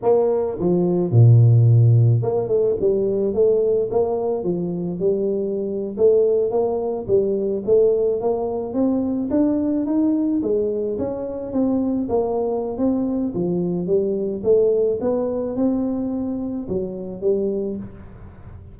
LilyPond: \new Staff \with { instrumentName = "tuba" } { \time 4/4 \tempo 4 = 108 ais4 f4 ais,2 | ais8 a8 g4 a4 ais4 | f4 g4.~ g16 a4 ais16~ | ais8. g4 a4 ais4 c'16~ |
c'8. d'4 dis'4 gis4 cis'16~ | cis'8. c'4 ais4~ ais16 c'4 | f4 g4 a4 b4 | c'2 fis4 g4 | }